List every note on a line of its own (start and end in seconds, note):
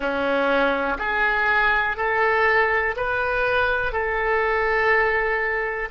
0.00 0.97 C#4
0.98 1.96 G#4
1.96 2.95 A4
2.96 3.92 B4
3.92 5.88 A4